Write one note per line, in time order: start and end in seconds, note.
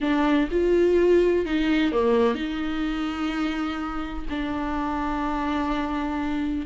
0.01 0.48 D4
0.51 1.45 F4
1.45 1.92 D#4
1.92 2.34 A#3
2.34 4.25 D#4
4.29 6.66 D4